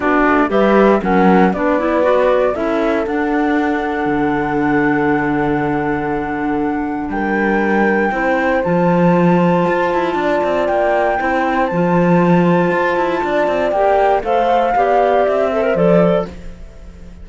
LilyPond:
<<
  \new Staff \with { instrumentName = "flute" } { \time 4/4 \tempo 4 = 118 d''4 e''4 fis''4 d''4~ | d''4 e''4 fis''2~ | fis''1~ | fis''2 g''2~ |
g''4 a''2.~ | a''4 g''2 a''4~ | a''2. g''4 | f''2 e''4 d''4 | }
  \new Staff \with { instrumentName = "horn" } { \time 4/4 fis'4 b'4 ais'4 b'4~ | b'4 a'2.~ | a'1~ | a'2 ais'2 |
c''1 | d''2 c''2~ | c''2 d''2 | c''4 d''4. c''4. | }
  \new Staff \with { instrumentName = "clarinet" } { \time 4/4 d'4 g'4 cis'4 d'8 e'8 | fis'4 e'4 d'2~ | d'1~ | d'1 |
e'4 f'2.~ | f'2 e'4 f'4~ | f'2. g'4 | a'4 g'4. a'16 ais'16 a'4 | }
  \new Staff \with { instrumentName = "cello" } { \time 4/4 b8 a8 g4 fis4 b4~ | b4 cis'4 d'2 | d1~ | d2 g2 |
c'4 f2 f'8 e'8 | d'8 c'8 ais4 c'4 f4~ | f4 f'8 e'8 d'8 c'8 ais4 | a4 b4 c'4 f4 | }
>>